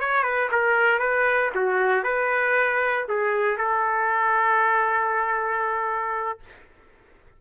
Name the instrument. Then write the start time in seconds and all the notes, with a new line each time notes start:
trumpet
0.00 C#5
0.23 B4
0.52 A#4
0.99 B4
1.55 F#4
2.04 B4
3.09 G#4
3.58 A4